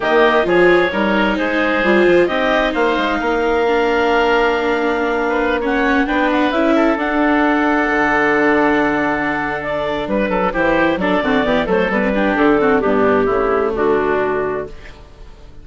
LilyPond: <<
  \new Staff \with { instrumentName = "clarinet" } { \time 4/4 \tempo 4 = 131 dis''4 cis''2 c''4~ | c''4 dis''4 f''2~ | f''1~ | f''16 fis''4 g''8 fis''8 e''4 fis''8.~ |
fis''1~ | fis''4 d''4 b'4 c''4 | d''4. c''8 b'4 a'4 | g'2 fis'2 | }
  \new Staff \with { instrumentName = "oboe" } { \time 4/4 g'4 gis'4 ais'4 gis'4~ | gis'4 g'4 c''4 ais'4~ | ais'2.~ ais'8 b'8~ | b'16 cis''4 b'4. a'4~ a'16~ |
a'1~ | a'2 b'8 a'8 g'4 | a'8 fis'8 g'8 a'4 g'4 fis'8 | d'4 e'4 d'2 | }
  \new Staff \with { instrumentName = "viola" } { \time 4/4 ais4 f'4 dis'2 | f'4 dis'2. | d'1~ | d'16 cis'4 d'4 e'4 d'8.~ |
d'1~ | d'2. e'4 | d'8 c'8 b8 a8 b16 c'16 d'4 c'8 | b4 a2. | }
  \new Staff \with { instrumentName = "bassoon" } { \time 4/4 dis4 f4 g4 gis4 | g8 f8 c'4 ais8 gis8 ais4~ | ais1~ | ais4~ ais16 b4 cis'4 d'8.~ |
d'4~ d'16 d2~ d8.~ | d2 g8 fis8 e4 | fis8 d8 e8 fis8 g4 d4 | g,4 cis4 d2 | }
>>